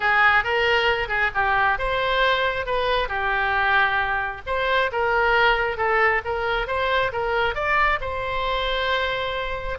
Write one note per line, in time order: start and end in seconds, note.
0.00 0.43 G#4
0.43 1.08 A#4
1.08 1.30 G#4
1.34 1.78 G4
1.78 2.65 C5
2.65 3.08 B4
3.08 4.41 G4
4.46 4.91 C5
4.92 5.77 A#4
5.77 6.21 A4
6.24 6.67 A#4
6.67 7.11 C5
7.12 7.55 A#4
7.55 7.99 D5
8.00 9.78 C5